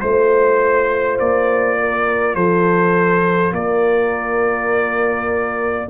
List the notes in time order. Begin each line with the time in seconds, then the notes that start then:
0.00 A3 F4 C5
1.19 A#3 D5
1.80 A#4
2.35 F3 A4 C5
3.52 A#3 A#4 D5